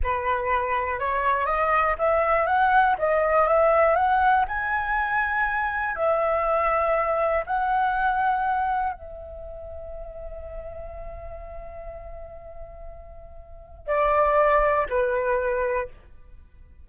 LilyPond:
\new Staff \with { instrumentName = "flute" } { \time 4/4 \tempo 4 = 121 b'2 cis''4 dis''4 | e''4 fis''4 dis''4 e''4 | fis''4 gis''2. | e''2. fis''4~ |
fis''2 e''2~ | e''1~ | e''1 | d''2 b'2 | }